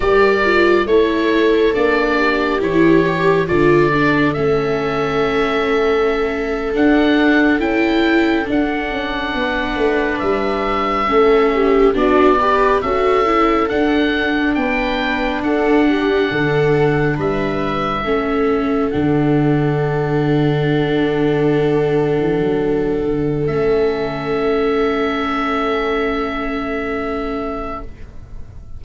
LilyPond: <<
  \new Staff \with { instrumentName = "oboe" } { \time 4/4 \tempo 4 = 69 d''4 cis''4 d''4 cis''4 | d''4 e''2~ e''8. fis''16~ | fis''8. g''4 fis''2 e''16~ | e''4.~ e''16 d''4 e''4 fis''16~ |
fis''8. g''4 fis''2 e''16~ | e''4.~ e''16 fis''2~ fis''16~ | fis''2. e''4~ | e''1 | }
  \new Staff \with { instrumentName = "viola" } { \time 4/4 ais'4 a'4. g'4. | a'1~ | a'2~ a'8. b'4~ b'16~ | b'8. a'8 g'8 fis'8 b'8 a'4~ a'16~ |
a'8. b'4 a'8 g'8 a'4 b'16~ | b'8. a'2.~ a'16~ | a'1~ | a'1 | }
  \new Staff \with { instrumentName = "viola" } { \time 4/4 g'8 f'8 e'4 d'4 e'8 g'8 | f'8 d'8 cis'2~ cis'8. d'16~ | d'8. e'4 d'2~ d'16~ | d'8. cis'4 d'8 g'8 fis'8 e'8 d'16~ |
d'1~ | d'8. cis'4 d'2~ d'16~ | d'2. cis'4~ | cis'1 | }
  \new Staff \with { instrumentName = "tuba" } { \time 4/4 g4 a4 ais4 e4 | d4 a2~ a8. d'16~ | d'8. cis'4 d'8 cis'8 b8 a8 g16~ | g8. a4 b4 cis'4 d'16~ |
d'8. b4 d'4 d4 g16~ | g8. a4 d2~ d16~ | d4. e16 fis8. d8 a4~ | a1 | }
>>